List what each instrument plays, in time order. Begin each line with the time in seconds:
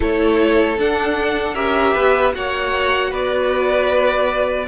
0.00 cello A3, viola E4, violin A4 C#5
0.78 viola D4, cello D4, violin F#5
1.54 cello C#4, viola G4, violin A#4 E5
1.93 cello B3, violin B4
2.32 cello A#3, viola F#4, violin C#5 F#5
3.10 cello B3, violin B4 D5